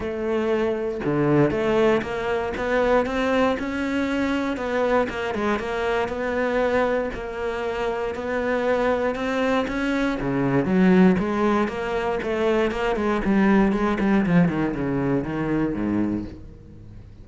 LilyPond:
\new Staff \with { instrumentName = "cello" } { \time 4/4 \tempo 4 = 118 a2 d4 a4 | ais4 b4 c'4 cis'4~ | cis'4 b4 ais8 gis8 ais4 | b2 ais2 |
b2 c'4 cis'4 | cis4 fis4 gis4 ais4 | a4 ais8 gis8 g4 gis8 g8 | f8 dis8 cis4 dis4 gis,4 | }